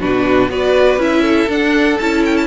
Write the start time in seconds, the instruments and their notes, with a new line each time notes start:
0.00 cello B2, viola D4, violin F#4 B4
0.49 cello B3, viola F#4, violin B4 D5
0.97 cello C#4, viola E4, violin E5
1.21 violin A4
1.47 cello D4, viola D4, violin F#5
1.98 cello C#4, viola E4, violin A5
2.25 violin G5
2.37 violin A5